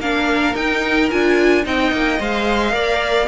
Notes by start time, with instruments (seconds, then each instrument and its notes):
0.00 cello A#3, viola D4, violin A#4 F5
0.55 viola D#4, cello D#4, violin G5
1.11 cello D4, viola F4, violin G#5
1.64 cello C4, viola D#4, violin D#5 G5
1.92 cello A#3
2.20 cello G#3, viola C5, violin F5
2.71 cello A#3, viola A#4, violin D5